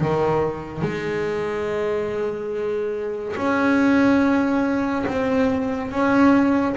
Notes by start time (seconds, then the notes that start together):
0.00 D#3
0.81 G#3
3.36 C#4
5.06 C4
5.91 C#4